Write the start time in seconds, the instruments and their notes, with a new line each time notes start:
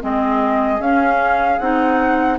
0.00 bassoon G#3, clarinet C4, oboe G#4, flute D#5
0.79 bassoon C#4, clarinet C#4, flute F5
1.58 bassoon C4, clarinet D#4, flute F#5